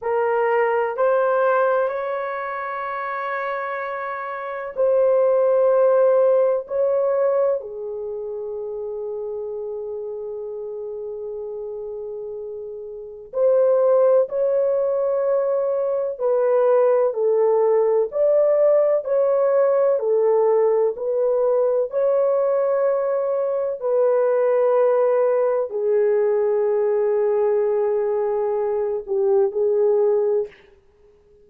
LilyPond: \new Staff \with { instrumentName = "horn" } { \time 4/4 \tempo 4 = 63 ais'4 c''4 cis''2~ | cis''4 c''2 cis''4 | gis'1~ | gis'2 c''4 cis''4~ |
cis''4 b'4 a'4 d''4 | cis''4 a'4 b'4 cis''4~ | cis''4 b'2 gis'4~ | gis'2~ gis'8 g'8 gis'4 | }